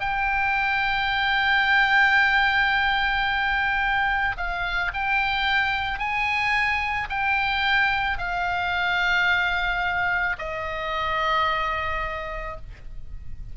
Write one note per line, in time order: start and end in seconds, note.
0.00 4.36 G5
4.37 4.91 F5
4.93 5.99 G5
5.99 7.08 G#5
7.10 8.18 G5
8.18 10.36 F5
10.38 12.57 D#5